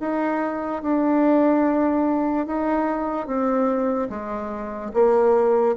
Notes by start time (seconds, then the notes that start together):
0.00 D#4
0.82 D4
2.46 D#4
3.27 C4
4.09 G#3
4.93 A#3